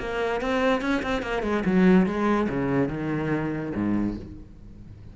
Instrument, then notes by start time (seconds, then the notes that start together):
cello
0.00 A#3
0.41 C4
0.81 C#4
1.03 C4
1.22 A#3
1.43 G#3
1.65 F#3
2.06 G#3
2.49 C#3
2.89 D#3
3.74 G#2